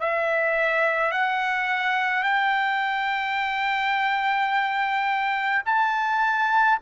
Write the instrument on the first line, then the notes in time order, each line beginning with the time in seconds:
trumpet
0.00 E5
1.12 F#5
2.23 G5
5.66 A5